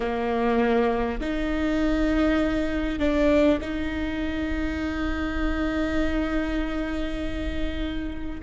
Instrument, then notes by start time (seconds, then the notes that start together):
viola
0.00 A#3
1.20 D#4
2.99 D4
3.61 D#4